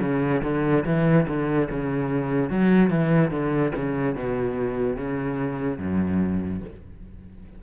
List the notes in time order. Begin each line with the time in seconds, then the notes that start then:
0.00 C#3
0.43 D3
0.86 E3
1.28 D3
1.70 C#3
2.50 F#3
2.90 E3
3.31 D3
3.75 C#3
4.15 B2
4.96 C#3
5.78 F#2